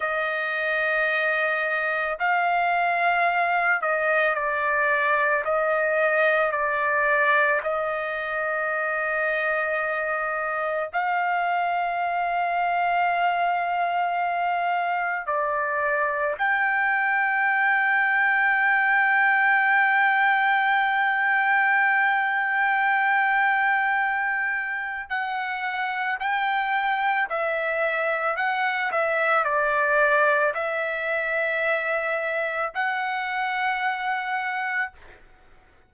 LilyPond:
\new Staff \with { instrumentName = "trumpet" } { \time 4/4 \tempo 4 = 55 dis''2 f''4. dis''8 | d''4 dis''4 d''4 dis''4~ | dis''2 f''2~ | f''2 d''4 g''4~ |
g''1~ | g''2. fis''4 | g''4 e''4 fis''8 e''8 d''4 | e''2 fis''2 | }